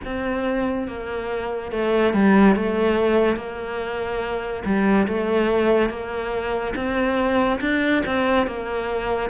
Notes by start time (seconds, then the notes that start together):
0.04 C4
0.87 A#3
1.71 A3
2.13 G3
2.55 A3
3.36 A#3
4.65 G3
5.07 A3
5.89 A#3
6.75 C4
7.61 D4
8.06 C4
8.47 A#3